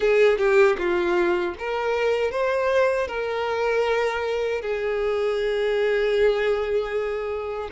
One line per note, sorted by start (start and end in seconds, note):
0.00 0.38 G#4
0.38 0.76 G4
0.77 1.54 F4
1.58 2.31 A#4
2.31 3.07 C5
3.07 4.61 A#4
4.61 7.69 G#4